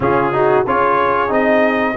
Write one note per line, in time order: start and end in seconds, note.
0.00 0.64 C#3
0.00 0.32 C#4
0.00 0.33 F4
0.00 0.67 G#4
0.32 0.65 D#4
0.32 0.63 F#4
0.63 1.30 C#4
0.63 1.28 F4
0.63 1.94 G#4
0.63 1.32 C#5
1.28 1.96 C4
1.28 1.93 D#4
1.28 1.96 D#5